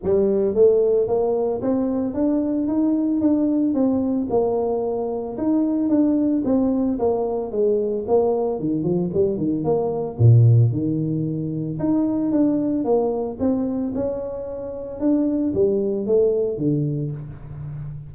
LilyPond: \new Staff \with { instrumentName = "tuba" } { \time 4/4 \tempo 4 = 112 g4 a4 ais4 c'4 | d'4 dis'4 d'4 c'4 | ais2 dis'4 d'4 | c'4 ais4 gis4 ais4 |
dis8 f8 g8 dis8 ais4 ais,4 | dis2 dis'4 d'4 | ais4 c'4 cis'2 | d'4 g4 a4 d4 | }